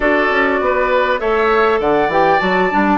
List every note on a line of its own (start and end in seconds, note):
0.00 0.30 D4
0.00 1.19 F#4
0.00 0.60 A4
0.00 1.19 D5
0.30 0.60 C#4
0.60 1.20 B3
0.60 1.20 B4
1.19 1.80 A3
1.19 2.08 A4
1.19 1.79 C#5
1.19 1.79 E5
1.79 2.08 D3
1.79 2.98 D5
1.79 2.10 F#5
2.08 2.38 E3
2.08 2.39 G4
2.08 2.39 G5
2.39 2.71 F#3
2.39 2.69 F#4
2.39 2.98 A5
2.70 2.98 G3
2.70 2.98 D4